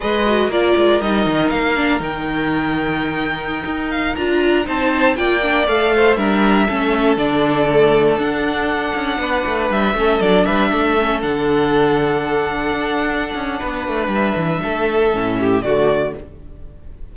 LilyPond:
<<
  \new Staff \with { instrumentName = "violin" } { \time 4/4 \tempo 4 = 119 dis''4 d''4 dis''4 f''4 | g''2.~ g''8. f''16~ | f''16 ais''4 a''4 g''4 f''8.~ | f''16 e''2 d''4.~ d''16~ |
d''16 fis''2. e''8.~ | e''16 d''8 e''4. fis''4.~ fis''16~ | fis''1 | e''2. d''4 | }
  \new Staff \with { instrumentName = "violin" } { \time 4/4 b'4 ais'2.~ | ais'1~ | ais'4~ ais'16 c''4 d''4. c''16~ | c''16 ais'4 a'2~ a'8.~ |
a'2~ a'16 b'4. a'16~ | a'8. b'8 a'2~ a'8.~ | a'2. b'4~ | b'4 a'4. g'8 fis'4 | }
  \new Staff \with { instrumentName = "viola" } { \time 4/4 gis'8 fis'8 f'4 dis'4. d'8 | dis'1~ | dis'16 f'4 dis'4 f'8 d'8 a'8.~ | a'16 d'4 cis'4 d'4 a8.~ |
a16 d'2.~ d'8 cis'16~ | cis'16 d'4. cis'8 d'4.~ d'16~ | d'1~ | d'2 cis'4 a4 | }
  \new Staff \with { instrumentName = "cello" } { \time 4/4 gis4 ais8 gis8 g8 dis8 ais4 | dis2.~ dis16 dis'8.~ | dis'16 d'4 c'4 ais4 a8.~ | a16 g4 a4 d4.~ d16~ |
d16 d'4. cis'8 b8 a8 g8 a16~ | a16 fis8 g8 a4 d4.~ d16~ | d4~ d16 d'4~ d'16 cis'8 b8 a8 | g8 e8 a4 a,4 d4 | }
>>